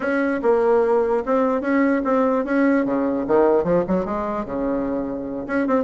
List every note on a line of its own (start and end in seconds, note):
0.00 0.41 C#4
0.42 1.23 A#3
1.25 1.61 C4
1.61 2.01 C#4
2.04 2.45 C4
2.45 2.85 C#4
2.85 3.25 C#3
3.27 3.63 D#3
3.63 3.84 F3
3.87 4.05 F#3
4.05 4.45 G#3
4.45 5.46 C#3
5.46 5.67 C#4
5.67 5.84 C4